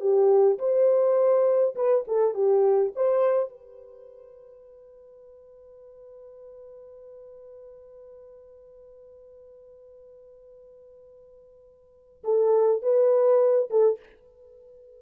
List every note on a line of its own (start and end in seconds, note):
0.00 0.58 G4
0.58 1.75 C5
1.75 2.04 B4
2.07 2.34 A4
2.34 2.93 G4
2.95 3.50 C5
3.50 12.23 B4
12.24 12.82 A4
12.82 13.69 B4
13.70 13.99 A4